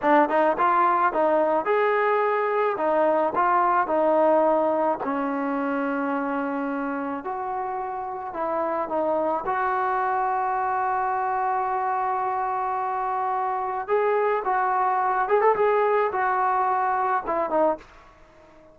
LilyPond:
\new Staff \with { instrumentName = "trombone" } { \time 4/4 \tempo 4 = 108 d'8 dis'8 f'4 dis'4 gis'4~ | gis'4 dis'4 f'4 dis'4~ | dis'4 cis'2.~ | cis'4 fis'2 e'4 |
dis'4 fis'2.~ | fis'1~ | fis'4 gis'4 fis'4. gis'16 a'16 | gis'4 fis'2 e'8 dis'8 | }